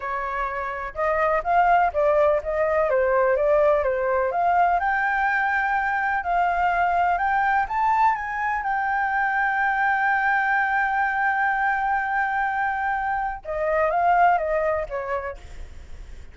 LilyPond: \new Staff \with { instrumentName = "flute" } { \time 4/4 \tempo 4 = 125 cis''2 dis''4 f''4 | d''4 dis''4 c''4 d''4 | c''4 f''4 g''2~ | g''4 f''2 g''4 |
a''4 gis''4 g''2~ | g''1~ | g''1 | dis''4 f''4 dis''4 cis''4 | }